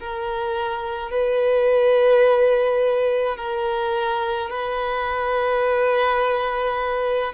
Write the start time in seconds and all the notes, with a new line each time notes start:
0.00 A#4
1.11 B4
3.37 A#4
4.50 B4